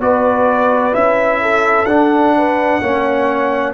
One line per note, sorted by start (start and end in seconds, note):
0.00 0.94 B3
0.00 0.93 F#4
0.00 1.42 B4
0.00 0.94 D5
0.93 1.86 C#4
0.93 1.86 E4
0.93 1.86 E5
1.42 2.36 A4
1.86 2.80 D4
1.86 2.82 D4
1.86 3.73 F#5
2.38 2.82 B4
2.82 3.74 A#3
2.82 3.74 C#4
2.82 3.74 C#5